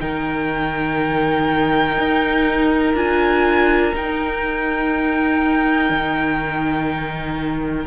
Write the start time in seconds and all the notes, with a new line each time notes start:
0.00 D#3 D#4 A#4 G5
1.97 D#4
2.94 D4 F4 G#5
3.94 D#4 G5
5.89 D#3